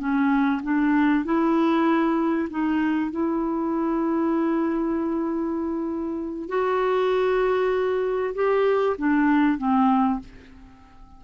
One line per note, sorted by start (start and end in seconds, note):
0.00 0.62 C#4
0.64 1.25 D4
1.25 2.49 E4
2.51 3.12 D#4
3.12 6.49 E4
6.49 8.35 F#4
8.35 8.97 G4
8.99 9.58 D4
9.58 10.20 C4